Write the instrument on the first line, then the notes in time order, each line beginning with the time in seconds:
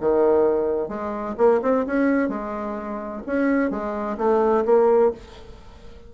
bassoon
0.00 D#3
0.88 G#3
1.37 A#3
1.62 C4
1.86 C#4
2.28 G#3
3.26 C#4
3.70 G#3
4.17 A3
4.65 A#3